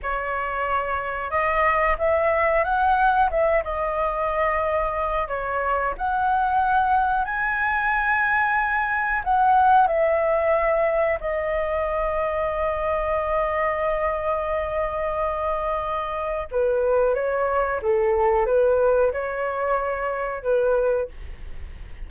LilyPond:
\new Staff \with { instrumentName = "flute" } { \time 4/4 \tempo 4 = 91 cis''2 dis''4 e''4 | fis''4 e''8 dis''2~ dis''8 | cis''4 fis''2 gis''4~ | gis''2 fis''4 e''4~ |
e''4 dis''2.~ | dis''1~ | dis''4 b'4 cis''4 a'4 | b'4 cis''2 b'4 | }